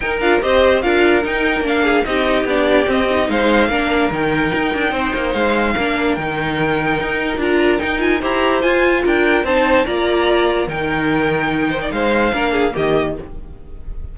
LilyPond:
<<
  \new Staff \with { instrumentName = "violin" } { \time 4/4 \tempo 4 = 146 g''8 f''8 dis''4 f''4 g''4 | f''4 dis''4 d''4 dis''4 | f''2 g''2~ | g''4 f''2 g''4~ |
g''2 ais''4 g''8 gis''8 | ais''4 gis''4 g''4 a''4 | ais''2 g''2~ | g''4 f''2 dis''4 | }
  \new Staff \with { instrumentName = "violin" } { \time 4/4 ais'4 c''4 ais'2~ | ais'8 gis'8 g'2. | c''4 ais'2. | c''2 ais'2~ |
ais'1 | c''2 ais'4 c''4 | d''2 ais'2~ | ais'8 c''16 d''16 c''4 ais'8 gis'8 g'4 | }
  \new Staff \with { instrumentName = "viola" } { \time 4/4 dis'8 f'8 g'4 f'4 dis'4 | d'4 dis'4 d'4 c'8 dis'8~ | dis'4 d'4 dis'2~ | dis'2 d'4 dis'4~ |
dis'2 f'4 dis'8 f'8 | g'4 f'2 dis'4 | f'2 dis'2~ | dis'2 d'4 ais4 | }
  \new Staff \with { instrumentName = "cello" } { \time 4/4 dis'8 d'8 c'4 d'4 dis'4 | ais4 c'4 b4 c'4 | gis4 ais4 dis4 dis'8 d'8 | c'8 ais8 gis4 ais4 dis4~ |
dis4 dis'4 d'4 dis'4 | e'4 f'4 d'4 c'4 | ais2 dis2~ | dis4 gis4 ais4 dis4 | }
>>